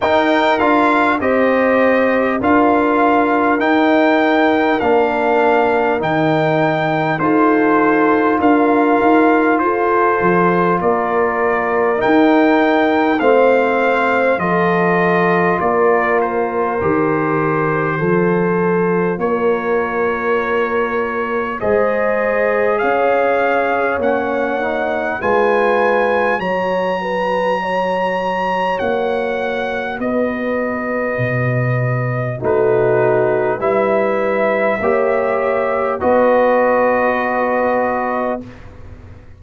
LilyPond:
<<
  \new Staff \with { instrumentName = "trumpet" } { \time 4/4 \tempo 4 = 50 g''8 f''8 dis''4 f''4 g''4 | f''4 g''4 c''4 f''4 | c''4 d''4 g''4 f''4 | dis''4 d''8 c''2~ c''8 |
cis''2 dis''4 f''4 | fis''4 gis''4 ais''2 | fis''4 dis''2 b'4 | e''2 dis''2 | }
  \new Staff \with { instrumentName = "horn" } { \time 4/4 ais'4 c''4 ais'2~ | ais'2 a'4 ais'4 | a'4 ais'2 c''4 | a'4 ais'2 a'4 |
ais'2 c''4 cis''4~ | cis''4 b'4 cis''8 b'8 cis''4~ | cis''4 b'2 fis'4 | b'4 cis''4 b'2 | }
  \new Staff \with { instrumentName = "trombone" } { \time 4/4 dis'8 f'8 g'4 f'4 dis'4 | d'4 dis'4 f'2~ | f'2 dis'4 c'4 | f'2 g'4 f'4~ |
f'2 gis'2 | cis'8 dis'8 f'4 fis'2~ | fis'2. dis'4 | e'4 g'4 fis'2 | }
  \new Staff \with { instrumentName = "tuba" } { \time 4/4 dis'8 d'8 c'4 d'4 dis'4 | ais4 dis4 dis'4 d'8 dis'8 | f'8 f8 ais4 dis'4 a4 | f4 ais4 dis4 f4 |
ais2 gis4 cis'4 | ais4 gis4 fis2 | ais4 b4 b,4 a4 | g4 ais4 b2 | }
>>